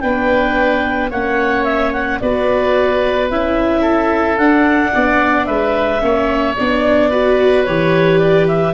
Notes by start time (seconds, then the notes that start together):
0.00 B3 D4 B4 G5
1.10 A#3 C#4 C#5 F#5
1.64 E5
1.92 F#5
2.20 B3 F#4 B4 D5
3.30 C#4 E4 E5
3.81 A4
4.37 D4 F#5
4.94 B3 D5
5.45 G#3 B4 E5
5.99 A#3 C#4 C#5
6.56 B3 D4 D5
7.09 F#4 B4
7.64 E3 G4 C#5
8.18 D5
8.47 E5